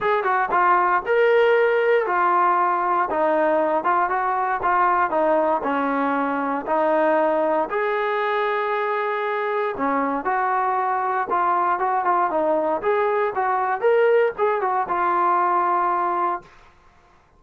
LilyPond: \new Staff \with { instrumentName = "trombone" } { \time 4/4 \tempo 4 = 117 gis'8 fis'8 f'4 ais'2 | f'2 dis'4. f'8 | fis'4 f'4 dis'4 cis'4~ | cis'4 dis'2 gis'4~ |
gis'2. cis'4 | fis'2 f'4 fis'8 f'8 | dis'4 gis'4 fis'4 ais'4 | gis'8 fis'8 f'2. | }